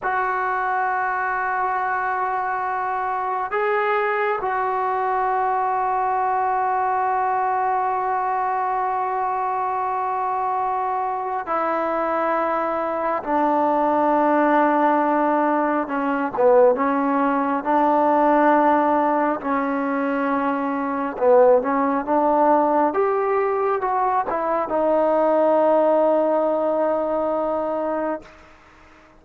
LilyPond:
\new Staff \with { instrumentName = "trombone" } { \time 4/4 \tempo 4 = 68 fis'1 | gis'4 fis'2.~ | fis'1~ | fis'4 e'2 d'4~ |
d'2 cis'8 b8 cis'4 | d'2 cis'2 | b8 cis'8 d'4 g'4 fis'8 e'8 | dis'1 | }